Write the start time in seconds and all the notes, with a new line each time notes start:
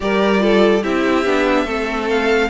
0.00 G3 G4 A#4 D5
0.38 F4 A4
0.82 C4 E4 G4 E5
1.25 B3 D4
1.65 A3 C4 A4
2.09 F5